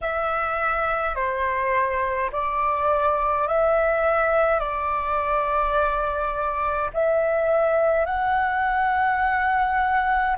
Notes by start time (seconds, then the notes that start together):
0.01 E5
1.15 C5
2.32 D5
3.47 E5
4.59 D5
6.93 E5
8.05 F#5